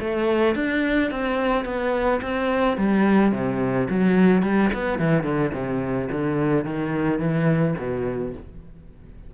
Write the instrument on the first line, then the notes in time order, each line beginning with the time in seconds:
cello
0.00 A3
0.56 D4
1.11 C4
1.65 B3
2.22 C4
2.78 G3
3.33 C3
3.90 F#3
4.43 G3
4.74 B3
4.99 E3
5.24 D3
5.53 C3
6.12 D3
6.65 D#3
7.20 E3
7.78 B2